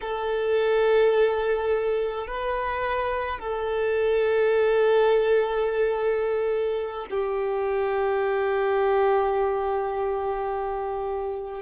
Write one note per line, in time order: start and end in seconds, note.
0.01 2.26 A4
2.26 3.38 B4
3.38 7.06 A4
7.10 11.62 G4